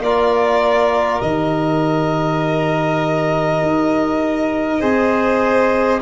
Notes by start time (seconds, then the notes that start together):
0.00 A#3 F4 A#4 D5
1.22 D#3 G4 D#5
3.62 D#4
4.80 C4 G#4 C5